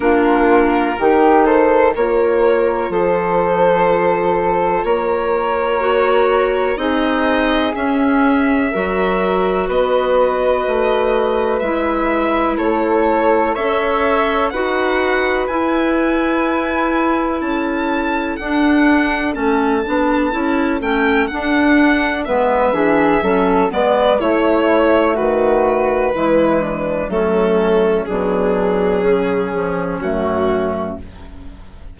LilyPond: <<
  \new Staff \with { instrumentName = "violin" } { \time 4/4 \tempo 4 = 62 ais'4. c''8 cis''4 c''4~ | c''4 cis''2 dis''4 | e''2 dis''2 | e''4 cis''4 e''4 fis''4 |
gis''2 a''4 fis''4 | a''4. g''8 fis''4 e''4~ | e''8 d''8 cis''4 b'2 | a'4 gis'2 fis'4 | }
  \new Staff \with { instrumentName = "flute" } { \time 4/4 f'4 g'8 a'8 ais'4 a'4~ | a'4 ais'2 gis'4~ | gis'4 ais'4 b'2~ | b'4 a'4 cis''4 b'4~ |
b'2 a'2~ | a'2. b'8 gis'8 | a'8 b'8 e'4 fis'4 e'8 d'8 | cis'4 d'4 cis'2 | }
  \new Staff \with { instrumentName = "clarinet" } { \time 4/4 d'4 dis'4 f'2~ | f'2 fis'4 dis'4 | cis'4 fis'2. | e'2 a'4 fis'4 |
e'2. d'4 | cis'8 d'8 e'8 cis'8 d'4 b8 d'8 | cis'8 b8 a2 gis4 | a4 fis4. f8 a4 | }
  \new Staff \with { instrumentName = "bassoon" } { \time 4/4 ais4 dis4 ais4 f4~ | f4 ais2 c'4 | cis'4 fis4 b4 a4 | gis4 a4 cis'4 dis'4 |
e'2 cis'4 d'4 | a8 b8 cis'8 a8 d'4 gis8 e8 | fis8 gis8 a4 dis4 e4 | fis4 b,4 cis4 fis,4 | }
>>